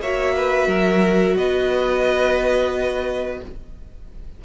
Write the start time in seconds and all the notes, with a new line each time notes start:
0.00 A#3 F#4 C#5 E5
0.37 B4
0.68 F#3 A#4
1.36 B3 B4 D#5